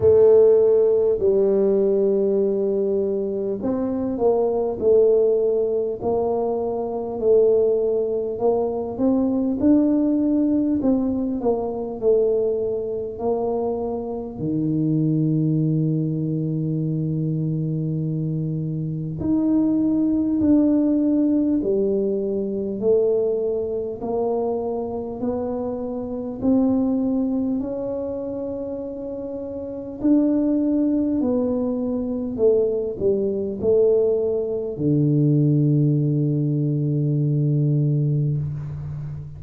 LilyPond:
\new Staff \with { instrumentName = "tuba" } { \time 4/4 \tempo 4 = 50 a4 g2 c'8 ais8 | a4 ais4 a4 ais8 c'8 | d'4 c'8 ais8 a4 ais4 | dis1 |
dis'4 d'4 g4 a4 | ais4 b4 c'4 cis'4~ | cis'4 d'4 b4 a8 g8 | a4 d2. | }